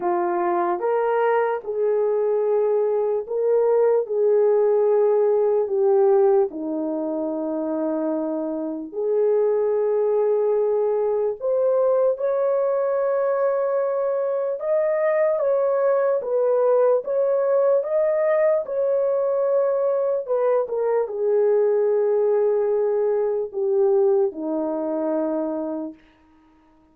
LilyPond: \new Staff \with { instrumentName = "horn" } { \time 4/4 \tempo 4 = 74 f'4 ais'4 gis'2 | ais'4 gis'2 g'4 | dis'2. gis'4~ | gis'2 c''4 cis''4~ |
cis''2 dis''4 cis''4 | b'4 cis''4 dis''4 cis''4~ | cis''4 b'8 ais'8 gis'2~ | gis'4 g'4 dis'2 | }